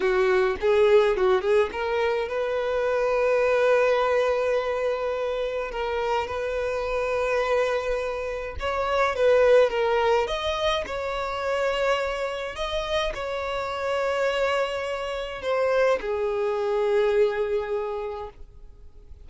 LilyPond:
\new Staff \with { instrumentName = "violin" } { \time 4/4 \tempo 4 = 105 fis'4 gis'4 fis'8 gis'8 ais'4 | b'1~ | b'2 ais'4 b'4~ | b'2. cis''4 |
b'4 ais'4 dis''4 cis''4~ | cis''2 dis''4 cis''4~ | cis''2. c''4 | gis'1 | }